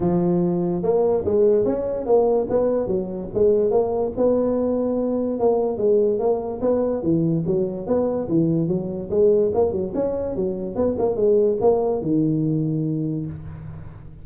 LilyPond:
\new Staff \with { instrumentName = "tuba" } { \time 4/4 \tempo 4 = 145 f2 ais4 gis4 | cis'4 ais4 b4 fis4 | gis4 ais4 b2~ | b4 ais4 gis4 ais4 |
b4 e4 fis4 b4 | e4 fis4 gis4 ais8 fis8 | cis'4 fis4 b8 ais8 gis4 | ais4 dis2. | }